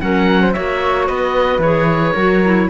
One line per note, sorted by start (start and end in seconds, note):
0.00 0.56 F#3
0.00 0.54 C#4
0.00 0.42 A#4
0.00 0.53 F#5
0.42 0.54 C5
0.53 1.09 A#3
0.53 1.61 F#4
0.53 1.08 C#5
0.53 1.06 E5
1.07 1.58 B3
1.07 2.14 B4
1.07 1.60 D#5
1.58 2.12 E3
1.58 2.16 G#4
1.58 2.69 C#5
2.14 2.69 F#3
2.14 2.43 F#4
2.14 2.67 A#4
2.44 2.70 E4